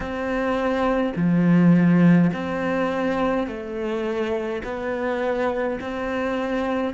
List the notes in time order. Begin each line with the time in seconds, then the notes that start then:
0.00 C4
1.15 F3
2.33 C4
3.47 A3
4.64 B3
5.80 C4